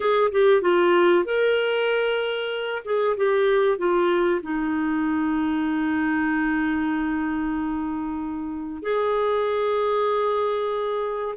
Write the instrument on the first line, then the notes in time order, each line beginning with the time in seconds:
clarinet
0.00 G#4
0.31 G4
0.61 F4
1.24 A#4
2.84 G#4
3.16 G4
3.78 F4
4.42 D#4
8.82 G#4